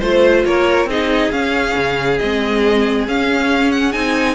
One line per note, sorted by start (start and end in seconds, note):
0.00 0.46 A3
0.00 0.89 F4
0.00 0.43 C5
0.00 0.46 C5
0.46 0.86 A#3
0.46 0.89 A#4
0.46 0.89 C#5
0.86 1.29 C4
0.86 1.33 D#4
0.86 4.35 G#4
0.86 1.32 D#5
1.32 1.76 C#4
1.32 2.19 C#4
1.32 2.19 F5
1.76 2.20 C#3
2.19 3.08 G#3
2.19 3.08 C4
2.19 3.06 D#5
3.08 3.93 C#4
3.08 3.95 C#4
3.08 3.72 F5
3.72 3.93 F#5
3.93 4.35 C4
3.93 4.35 D#4
3.93 4.35 G#5